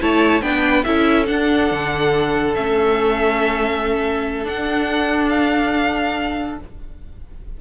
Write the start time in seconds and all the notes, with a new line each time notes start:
0.00 A3 E4 C#5 A5
0.42 B3 D4 B4 G5
0.84 C#4 E4 A4 E5
1.26 D4 F#5
1.72 D3
2.55 A3 C#4 E5
4.44 D4 F#5
5.30 F5